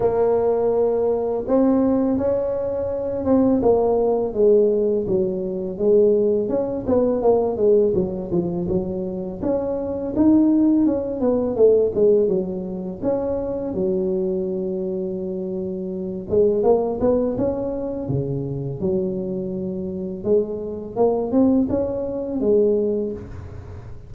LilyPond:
\new Staff \with { instrumentName = "tuba" } { \time 4/4 \tempo 4 = 83 ais2 c'4 cis'4~ | cis'8 c'8 ais4 gis4 fis4 | gis4 cis'8 b8 ais8 gis8 fis8 f8 | fis4 cis'4 dis'4 cis'8 b8 |
a8 gis8 fis4 cis'4 fis4~ | fis2~ fis8 gis8 ais8 b8 | cis'4 cis4 fis2 | gis4 ais8 c'8 cis'4 gis4 | }